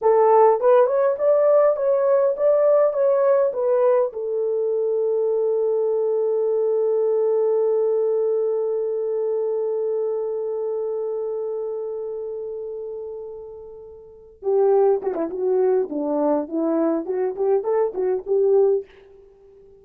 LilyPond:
\new Staff \with { instrumentName = "horn" } { \time 4/4 \tempo 4 = 102 a'4 b'8 cis''8 d''4 cis''4 | d''4 cis''4 b'4 a'4~ | a'1~ | a'1~ |
a'1~ | a'1~ | a'8 g'4 fis'16 e'16 fis'4 d'4 | e'4 fis'8 g'8 a'8 fis'8 g'4 | }